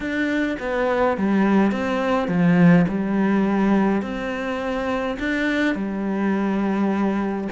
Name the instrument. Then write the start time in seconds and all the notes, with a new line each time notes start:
cello
0.00 D4
0.59 B3
1.17 G3
1.71 C4
2.28 F3
2.88 G3
4.02 C4
5.19 D4
5.75 G3